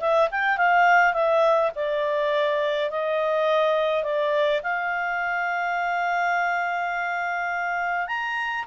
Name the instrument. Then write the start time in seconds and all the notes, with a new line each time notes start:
clarinet
0.00 E5
0.31 G5
0.57 F5
1.13 E5
1.75 D5
2.90 D#5
4.03 D5
4.63 F5
8.07 A#5